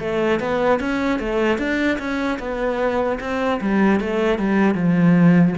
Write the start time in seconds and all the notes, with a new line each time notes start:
0.00 A3
0.40 B3
0.80 C#4
1.20 A3
1.58 D4
1.99 C#4
2.39 B3
3.20 C4
3.61 G3
4.00 A3
4.39 G3
4.75 F3